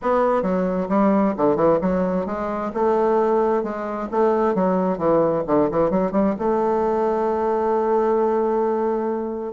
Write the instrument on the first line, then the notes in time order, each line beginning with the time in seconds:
bassoon
0.02 B3
0.42 F#3
0.89 G3
1.37 D3
1.56 E3
1.81 F#3
2.26 G#3
2.74 A3
3.63 G#3
4.11 A3
4.54 F#3
4.98 E3
5.46 D3
5.70 E3
5.90 F#3
6.11 G3
6.38 A3